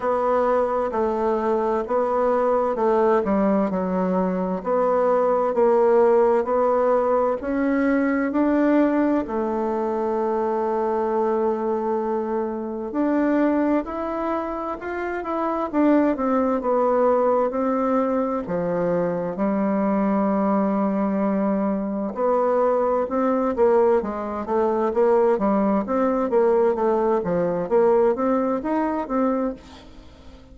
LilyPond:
\new Staff \with { instrumentName = "bassoon" } { \time 4/4 \tempo 4 = 65 b4 a4 b4 a8 g8 | fis4 b4 ais4 b4 | cis'4 d'4 a2~ | a2 d'4 e'4 |
f'8 e'8 d'8 c'8 b4 c'4 | f4 g2. | b4 c'8 ais8 gis8 a8 ais8 g8 | c'8 ais8 a8 f8 ais8 c'8 dis'8 c'8 | }